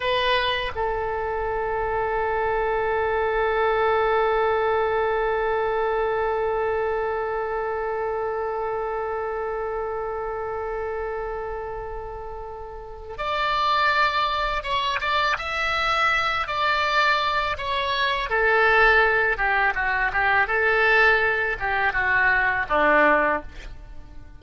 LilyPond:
\new Staff \with { instrumentName = "oboe" } { \time 4/4 \tempo 4 = 82 b'4 a'2.~ | a'1~ | a'1~ | a'1~ |
a'2 d''2 | cis''8 d''8 e''4. d''4. | cis''4 a'4. g'8 fis'8 g'8 | a'4. g'8 fis'4 d'4 | }